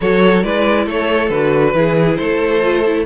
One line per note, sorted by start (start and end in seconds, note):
0.00 0.44 F#3
0.00 0.43 F#4
0.00 0.44 A4
0.00 0.43 C#5
0.43 0.86 G#3
0.43 1.31 E4
0.43 0.85 B4
0.43 0.87 D5
0.85 1.30 A3
0.85 1.73 A4
0.85 1.29 C#5
1.29 1.73 D3
1.29 1.74 F#4
1.29 2.16 B4
1.73 2.17 E3
1.73 2.62 E4
1.73 2.19 G#4
2.16 3.06 A3
2.16 3.06 A4
2.16 3.03 C5
2.62 2.84 F4
2.85 3.06 E4